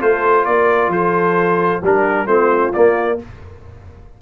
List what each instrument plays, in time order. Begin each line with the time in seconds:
0.00 tuba A3, trombone F4, horn A4, trumpet C5
0.46 tuba A#3, horn A#4, trumpet D5
0.88 tuba F3, horn A4, trumpet C5
1.83 tuba G3, trombone D4, horn G4, trumpet A#4
2.26 tuba A3, trombone C4, horn F4, trumpet C5
2.74 trombone A#3, tuba A#3, trumpet D5